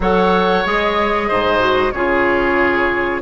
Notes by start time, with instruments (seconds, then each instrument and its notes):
0.00 bassoon F#3, clarinet A4, oboe C#5, flute F#5
0.64 bassoon G#3, clarinet G#4, flute D#5
1.28 bassoon G#2, oboe C5
1.59 clarinet F#4
1.91 bassoon C#3, clarinet F4, oboe G#4, flute C#5